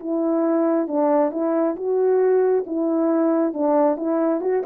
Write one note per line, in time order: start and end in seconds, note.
0.00 0.88 E4
0.88 1.32 D4
1.32 1.76 E4
1.76 2.65 F#4
2.67 3.54 E4
3.54 3.97 D4
3.97 4.41 E4
4.42 4.64 F#4